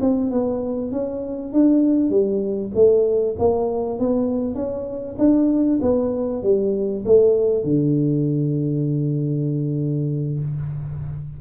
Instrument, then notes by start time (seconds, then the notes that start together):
tuba
0.00 C4
0.31 B3
0.91 C#4
1.53 D4
2.10 G3
2.74 A3
3.38 A#3
3.99 B3
4.54 C#4
5.18 D4
5.81 B3
6.43 G3
7.05 A3
7.63 D3